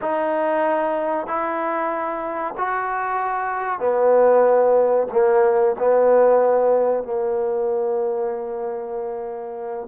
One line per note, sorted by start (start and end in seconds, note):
0.01 1.26 D#4
1.26 2.54 E4
2.57 3.79 F#4
3.79 5.07 B3
5.12 5.75 A#3
5.78 7.03 B3
7.03 9.88 A#3